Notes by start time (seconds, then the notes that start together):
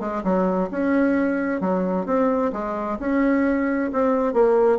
0.00 G#3
0.24 F#3
0.71 C#4
1.61 F#3
2.06 C4
2.53 G#3
3.00 C#4
3.93 C4
4.34 A#3